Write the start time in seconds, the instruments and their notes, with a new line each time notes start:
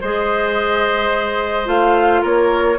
0.00 bassoon G#3, clarinet G#4, oboe C5, flute D#5
1.65 bassoon A3, clarinet F4, flute F5
2.21 bassoon A#3, oboe A#4, flute C#5